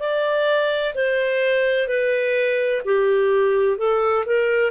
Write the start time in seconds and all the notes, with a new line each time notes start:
0.00 D5
0.95 C5
1.88 B4
2.85 G4
3.78 A4
4.26 A#4